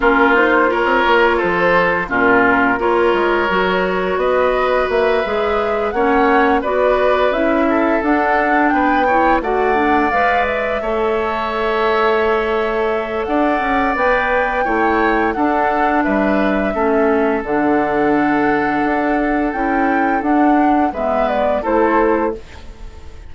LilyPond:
<<
  \new Staff \with { instrumentName = "flute" } { \time 4/4 \tempo 4 = 86 ais'8 c''8 cis''4 c''4 ais'4 | cis''2 dis''4 e''4~ | e''8 fis''4 d''4 e''4 fis''8~ | fis''8 g''4 fis''4 f''8 e''4~ |
e''2. fis''4 | g''2 fis''4 e''4~ | e''4 fis''2. | g''4 fis''4 e''8 d''8 c''4 | }
  \new Staff \with { instrumentName = "oboe" } { \time 4/4 f'4 ais'4 a'4 f'4 | ais'2 b'2~ | b'8 cis''4 b'4. a'4~ | a'8 b'8 cis''8 d''2 cis''8~ |
cis''2. d''4~ | d''4 cis''4 a'4 b'4 | a'1~ | a'2 b'4 a'4 | }
  \new Staff \with { instrumentName = "clarinet" } { \time 4/4 cis'8 dis'8 f'2 cis'4 | f'4 fis'2~ fis'8 gis'8~ | gis'8 cis'4 fis'4 e'4 d'8~ | d'4 e'8 fis'8 d'8 b'4 a'8~ |
a'1 | b'4 e'4 d'2 | cis'4 d'2. | e'4 d'4 b4 e'4 | }
  \new Staff \with { instrumentName = "bassoon" } { \time 4/4 ais4~ ais16 c'16 ais8 f4 ais,4 | ais8 gis8 fis4 b4 ais8 gis8~ | gis8 ais4 b4 cis'4 d'8~ | d'8 b4 a4 gis4 a8~ |
a2. d'8 cis'8 | b4 a4 d'4 g4 | a4 d2 d'4 | cis'4 d'4 gis4 a4 | }
>>